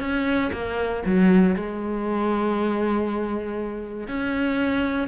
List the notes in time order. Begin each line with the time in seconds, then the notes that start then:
0.00 C#4
0.52 A#3
1.05 F#3
1.56 G#3
4.07 C#4